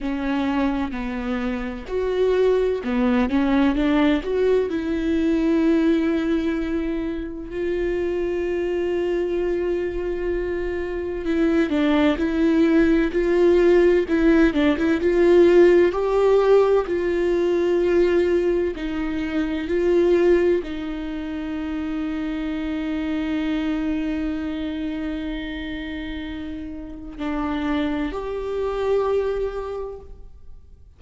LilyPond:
\new Staff \with { instrumentName = "viola" } { \time 4/4 \tempo 4 = 64 cis'4 b4 fis'4 b8 cis'8 | d'8 fis'8 e'2. | f'1 | e'8 d'8 e'4 f'4 e'8 d'16 e'16 |
f'4 g'4 f'2 | dis'4 f'4 dis'2~ | dis'1~ | dis'4 d'4 g'2 | }